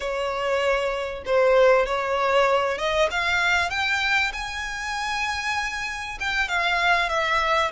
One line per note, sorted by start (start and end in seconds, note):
0.00 1.23 C#5
1.25 1.86 C5
1.86 2.78 C#5
2.78 3.08 D#5
3.11 3.70 F5
3.70 4.32 G5
4.32 6.18 G#5
6.19 6.48 G5
6.48 7.09 F5
7.09 7.71 E5